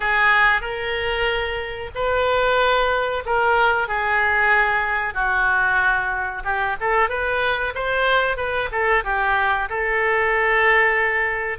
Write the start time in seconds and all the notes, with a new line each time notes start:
0.00 G#4
0.61 A#4
1.94 B4
3.25 A#4
3.87 G#4
5.14 F#4
6.44 G4
6.80 A4
7.09 B4
7.74 C5
8.37 B4
8.71 A4
9.04 G4
9.69 A4